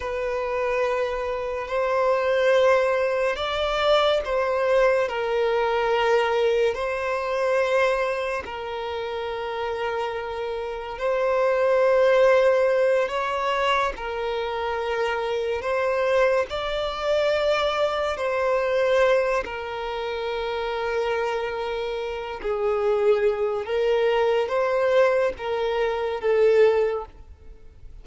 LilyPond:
\new Staff \with { instrumentName = "violin" } { \time 4/4 \tempo 4 = 71 b'2 c''2 | d''4 c''4 ais'2 | c''2 ais'2~ | ais'4 c''2~ c''8 cis''8~ |
cis''8 ais'2 c''4 d''8~ | d''4. c''4. ais'4~ | ais'2~ ais'8 gis'4. | ais'4 c''4 ais'4 a'4 | }